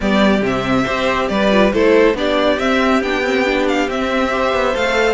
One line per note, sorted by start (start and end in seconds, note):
0.00 0.41 G3
0.00 0.41 B3
0.00 0.84 G4
0.00 0.44 D5
0.41 0.84 C3
0.41 0.86 C4
0.41 1.28 E5
0.84 1.30 C4
0.84 1.50 G4
0.84 1.27 C5
1.28 1.73 G3
1.28 1.73 B4
1.28 1.71 D5
1.51 1.73 F4
1.72 2.14 A3
1.72 2.14 E4
1.72 2.16 A4
1.72 2.16 C5
2.14 2.57 B3
2.14 2.57 D4
2.14 4.32 G4
2.14 2.59 D5
2.58 3.02 C4
2.58 3.02 E5
3.02 3.88 B3
3.02 3.23 D4
3.02 3.67 G5
3.23 3.45 C4
3.45 3.88 D4
3.68 3.89 F5
3.88 4.53 C4
3.88 4.30 C4
3.88 4.76 E5
4.30 4.73 G4
4.30 5.14 C5
4.53 4.74 B3
4.73 5.14 A3
4.73 5.14 A4
4.73 5.14 F5